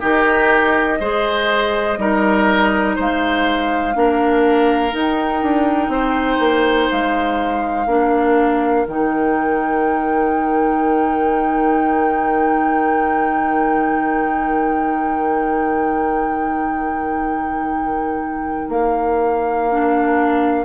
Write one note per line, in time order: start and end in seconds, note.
0.00 1.00 D#3
0.00 0.99 D#4
0.00 0.98 G4
0.00 2.97 D#5
1.00 1.97 G#3
1.00 1.98 G#4
1.00 1.98 C5
1.97 2.96 G3
1.97 3.93 D#4
1.97 2.95 A#4
2.95 3.95 G#3
2.95 3.93 C5
2.95 4.94 F5
3.93 4.93 A#3
3.93 4.91 D4
3.93 5.91 A#4
4.91 7.86 D#4
4.91 5.42 D#4
4.91 6.90 G5
5.42 5.88 D4
5.88 6.37 C4
5.88 7.86 C5
6.39 6.88 A#3
6.90 7.86 G#3
6.90 8.87 F5
7.86 8.84 A#3
7.86 8.86 D4
7.86 20.65 A#4
8.86 18.68 D#3
8.86 19.69 D#4
8.86 18.69 G5
18.68 20.65 A#3
18.68 20.65 F5
19.70 20.65 D4